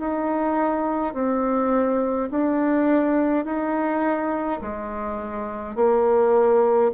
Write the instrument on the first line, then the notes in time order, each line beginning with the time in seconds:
bassoon
0.00 D#4
1.14 C4
2.31 D4
3.45 D#4
4.62 G#3
5.76 A#3